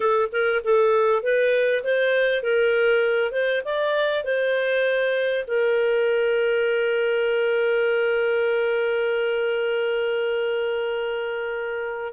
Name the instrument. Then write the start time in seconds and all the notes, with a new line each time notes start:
clarinet
0.00 A4
0.32 A#4
0.64 A4
1.22 B4
1.83 C5
2.42 A#4
3.31 C5
3.64 D5
4.24 C5
5.47 A#4